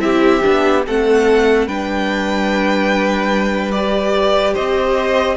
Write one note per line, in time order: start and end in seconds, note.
0.00 0.41 C4
0.00 0.41 E4
0.00 0.86 G4
0.00 0.83 E5
0.42 0.87 B3
0.42 0.84 D4
0.86 1.67 A3
0.86 1.68 C4
0.86 1.67 A4
0.86 1.68 F#5
1.67 4.55 G3
1.67 3.73 D4
1.67 4.54 B4
1.67 3.72 G5
3.72 5.37 G4
3.72 4.54 D5
4.54 5.37 C4
4.54 5.36 C5
4.54 5.37 D#5